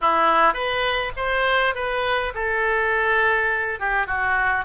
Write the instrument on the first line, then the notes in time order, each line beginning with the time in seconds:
oboe
0.01 E4
0.53 B4
1.16 C5
1.74 B4
2.34 A4
3.79 G4
4.06 F#4